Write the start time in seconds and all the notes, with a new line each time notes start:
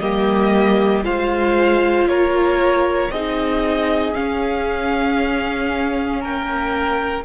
0.00 G3 A#3 G4 D#5
1.03 G#3 F4 C5 F5
2.06 A#3 A#4 C#5
3.10 C4 D#4 G#4 D#5
4.14 C#4 F5
6.21 A#3 A#4 G5